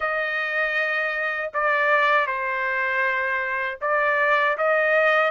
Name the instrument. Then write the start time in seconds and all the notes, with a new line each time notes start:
trumpet
0.00 D#5
1.53 D5
2.26 C5
3.81 D5
4.57 D#5